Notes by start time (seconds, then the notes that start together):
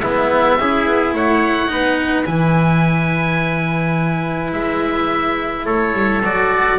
0.00 G#3 B3 E4 E5
0.59 C#4 E4 G#4
0.86 B3
1.14 A3 C#5 F#5
1.68 B3 D#4 B4
2.26 E3 E4 G#5
4.53 G#3 E5
5.66 A3 A4 C#5
5.93 G3
6.22 F#3 F#4 D5